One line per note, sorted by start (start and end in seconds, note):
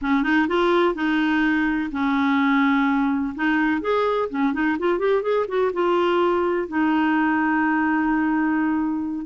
0.01 0.23 C#4
0.23 0.47 D#4
0.48 0.94 F4
0.94 1.90 D#4
1.91 3.34 C#4
3.35 3.81 D#4
3.81 4.28 G#4
4.29 4.53 C#4
4.53 4.77 D#4
4.79 4.98 F4
4.98 5.22 G4
5.22 5.46 G#4
5.47 5.71 F#4
5.73 6.68 F4
6.68 9.26 D#4